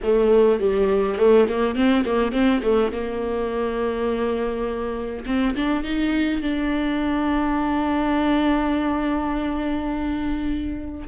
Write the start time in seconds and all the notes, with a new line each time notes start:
0.03 A3
0.60 G3
1.18 A3
1.48 A#3
1.75 C4
2.05 A#3
2.32 C4
2.62 A3
2.92 A#3
5.26 C4
5.55 D4
5.83 D#4
6.41 D4